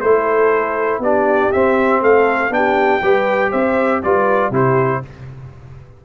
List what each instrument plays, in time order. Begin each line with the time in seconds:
0.00 tuba A3, trombone E4, horn A4, trumpet C5
0.99 tuba B3, trombone D4, horn G4, trumpet D5
1.52 trombone C4, tuba C4, trumpet E5
2.01 tuba A3, horn A4, trumpet F5
2.50 tuba B3, trombone D4, horn G4, trumpet G5
3.02 tuba G3, trombone G4, horn B4
3.50 tuba C4, horn C5, trumpet E5
4.02 tuba G3, trombone F4, horn B4, trumpet D5
4.50 tuba C3, trombone E4, horn G4, trumpet C5